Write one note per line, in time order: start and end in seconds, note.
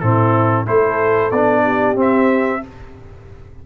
0.00 0.67 A2
0.00 0.66 C4
0.00 0.65 E4
0.00 0.65 A4
0.65 1.32 A3
0.65 1.31 E4
0.65 1.63 A4
0.65 1.31 C5
1.31 1.95 B3
1.31 1.96 D4
1.31 1.96 D5
1.63 2.61 G4
1.95 2.60 C4
1.95 2.61 C4
1.95 2.66 E5